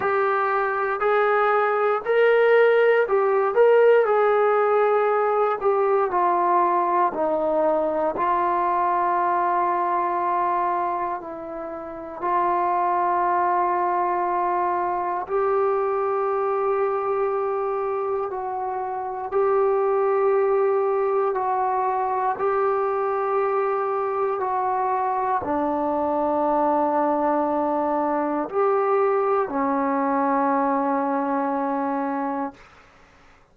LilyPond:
\new Staff \with { instrumentName = "trombone" } { \time 4/4 \tempo 4 = 59 g'4 gis'4 ais'4 g'8 ais'8 | gis'4. g'8 f'4 dis'4 | f'2. e'4 | f'2. g'4~ |
g'2 fis'4 g'4~ | g'4 fis'4 g'2 | fis'4 d'2. | g'4 cis'2. | }